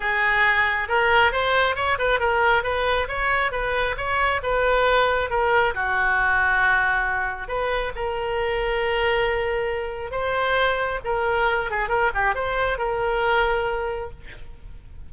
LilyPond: \new Staff \with { instrumentName = "oboe" } { \time 4/4 \tempo 4 = 136 gis'2 ais'4 c''4 | cis''8 b'8 ais'4 b'4 cis''4 | b'4 cis''4 b'2 | ais'4 fis'2.~ |
fis'4 b'4 ais'2~ | ais'2. c''4~ | c''4 ais'4. gis'8 ais'8 g'8 | c''4 ais'2. | }